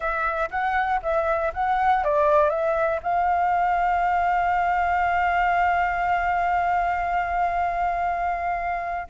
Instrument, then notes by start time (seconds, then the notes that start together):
flute
0.00 E5
0.50 F#5
1.02 E5
1.53 F#5
2.04 D5
2.49 E5
3.02 F5